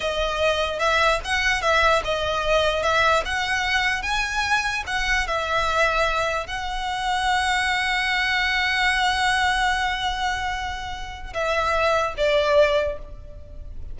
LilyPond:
\new Staff \with { instrumentName = "violin" } { \time 4/4 \tempo 4 = 148 dis''2 e''4 fis''4 | e''4 dis''2 e''4 | fis''2 gis''2 | fis''4 e''2. |
fis''1~ | fis''1~ | fis''1 | e''2 d''2 | }